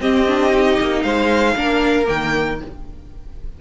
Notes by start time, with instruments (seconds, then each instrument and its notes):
0.00 cello C4, viola C4, violin G4 D#5
0.27 viola D4
0.51 viola D#4
0.80 cello A#3
1.02 cello G#3, violin C5 F5
1.55 cello A#3, viola D4, violin A#4
2.05 cello D#3, viola A#3, violin G5